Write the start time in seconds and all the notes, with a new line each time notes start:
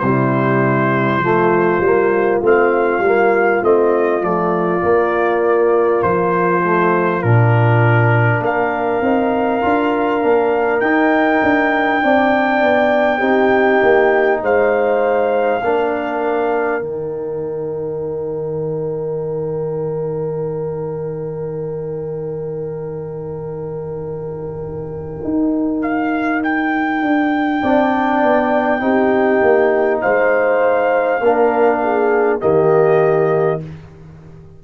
0.00 C3 G3 E4 C5
1.19 F3 A3
1.25 F4
1.81 G3 A#3
2.42 A3 C4 F5
3.00 G3
3.06 A#3
3.63 A3 C4 D#5
4.22 F3 A3 D5
4.81 A#3
6.03 F3 C5
6.64 A3
7.23 A#2 D4 A#4
8.40 A#3 A#4 F5
9.02 C4 D#4
9.62 D4 F4
10.22 A#3 D4
10.81 D#4 G5
11.43 D4
12.02 C4 D4 D5
12.62 B3
13.19 C4 D#4 G4
13.83 A#3
14.42 G#3 C5 F5
15.63 A#3 D4 A#4
16.81 D#3 D#4 G5
25.25 D#4
25.82 F5
26.44 G5
27.02 D4
27.62 C4 D4 D5
28.23 B3
28.80 C4 D#4 G4
29.43 A#3
30.02 G#3 C5 F5
31.21 A#3 D4 A#4
31.83 G#4
32.41 D#3 A#3 G4 D#5